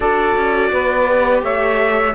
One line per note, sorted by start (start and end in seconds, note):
0.00 0.35 D4
0.00 1.06 F#4
0.00 0.71 A4
0.00 1.41 D5
0.35 0.71 C#4
0.71 1.42 B3
0.71 1.42 B4
1.06 2.13 G4
1.42 2.13 A3
1.42 2.14 C#5
1.42 2.15 E5